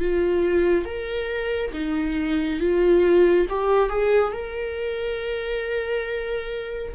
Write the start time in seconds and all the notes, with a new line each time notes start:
0.00 F4
0.85 A#4
1.73 D#4
2.60 F4
3.50 G4
3.90 G#4
4.33 A#4